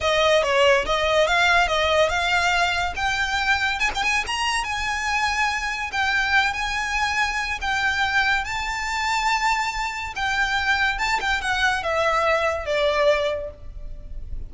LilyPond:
\new Staff \with { instrumentName = "violin" } { \time 4/4 \tempo 4 = 142 dis''4 cis''4 dis''4 f''4 | dis''4 f''2 g''4~ | g''4 gis''16 g''16 gis''8 ais''4 gis''4~ | gis''2 g''4. gis''8~ |
gis''2 g''2 | a''1 | g''2 a''8 g''8 fis''4 | e''2 d''2 | }